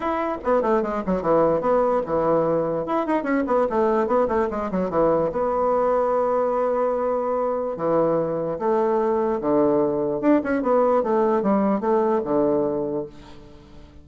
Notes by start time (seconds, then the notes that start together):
0.00 E4
0.43 B3
0.61 A3
0.82 G#3
1.06 F#3
1.21 E3
1.60 B3
2.06 E3
2.86 E4
3.06 D#4
3.23 C#4
3.46 B3
3.69 A3
4.07 B3
4.28 A3
4.50 G#3
4.71 F#3
4.90 E3
5.32 B3
7.77 E3
8.58 A3
9.40 D3
10.20 D4
10.43 C#4
10.62 B3
11.03 A3
11.42 G3
11.80 A3
12.24 D3